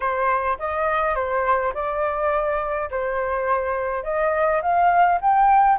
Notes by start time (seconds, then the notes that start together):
0.00 C5
0.58 D#5
1.15 C5
1.74 D5
2.90 C5
4.03 D#5
4.62 F5
5.21 G5